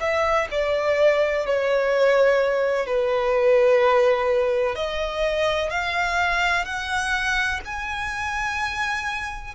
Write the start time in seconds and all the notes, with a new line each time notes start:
0.00 E5
0.51 D5
1.46 C#5
2.86 B4
4.75 D#5
5.70 F5
6.65 F#5
7.65 G#5